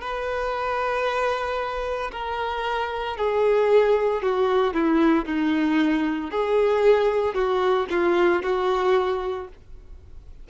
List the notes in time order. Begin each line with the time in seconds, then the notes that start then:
0.00 B4
2.11 A#4
3.16 G#4
4.22 F#4
4.74 E4
5.25 D#4
6.30 G#4
7.33 F#4
7.89 F4
8.42 F#4